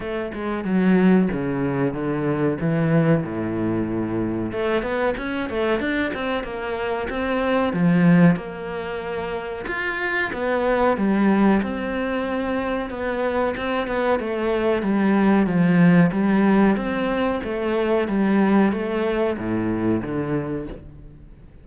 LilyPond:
\new Staff \with { instrumentName = "cello" } { \time 4/4 \tempo 4 = 93 a8 gis8 fis4 cis4 d4 | e4 a,2 a8 b8 | cis'8 a8 d'8 c'8 ais4 c'4 | f4 ais2 f'4 |
b4 g4 c'2 | b4 c'8 b8 a4 g4 | f4 g4 c'4 a4 | g4 a4 a,4 d4 | }